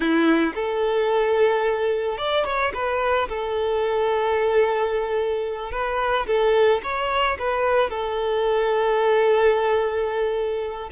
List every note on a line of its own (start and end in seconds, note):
0.00 0.53 E4
0.55 2.17 A4
2.17 2.44 D5
2.44 2.72 C#5
2.73 3.28 B4
3.29 5.71 A4
5.71 6.26 B4
6.26 6.81 A4
6.83 7.37 C#5
7.39 7.89 B4
7.89 10.89 A4